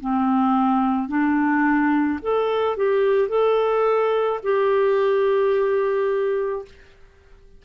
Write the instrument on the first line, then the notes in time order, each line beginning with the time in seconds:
clarinet
0.00 C4
1.08 D4
2.21 A4
2.76 G4
3.28 A4
4.42 G4